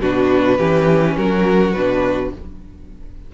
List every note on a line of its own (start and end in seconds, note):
0.00 0.58 B2
0.00 0.58 D4
0.00 0.58 F#4
0.00 1.16 B4
0.58 1.16 E3
0.58 1.73 C#4
0.58 1.16 G4
1.16 1.75 F#3
1.16 2.32 F#4
1.16 1.73 A#4
1.73 2.32 B2
1.73 2.34 D4
1.73 2.30 B4